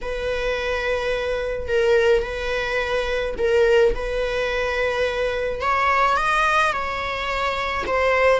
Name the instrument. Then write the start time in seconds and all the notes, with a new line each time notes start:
viola
0.01 B4
1.67 A#4
2.22 B4
3.38 A#4
3.94 B4
5.60 C#5
6.16 D#5
6.72 C#5
7.86 C5